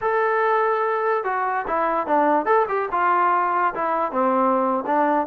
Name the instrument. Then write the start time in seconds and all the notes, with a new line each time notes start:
trombone
0.01 A4
1.24 F#4
1.67 E4
2.06 D4
2.45 A4
2.68 G4
2.91 F4
3.74 E4
4.11 C4
4.86 D4